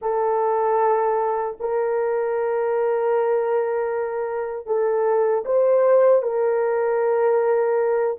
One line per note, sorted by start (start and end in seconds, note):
0.01 1.57 A4
1.59 4.66 A#4
4.66 5.44 A4
5.45 6.22 C5
6.22 8.17 A#4